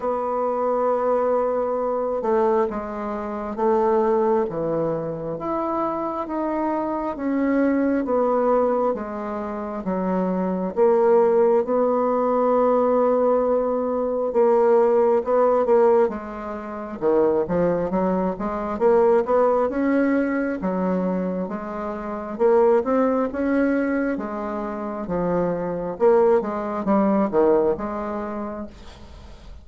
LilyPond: \new Staff \with { instrumentName = "bassoon" } { \time 4/4 \tempo 4 = 67 b2~ b8 a8 gis4 | a4 e4 e'4 dis'4 | cis'4 b4 gis4 fis4 | ais4 b2. |
ais4 b8 ais8 gis4 dis8 f8 | fis8 gis8 ais8 b8 cis'4 fis4 | gis4 ais8 c'8 cis'4 gis4 | f4 ais8 gis8 g8 dis8 gis4 | }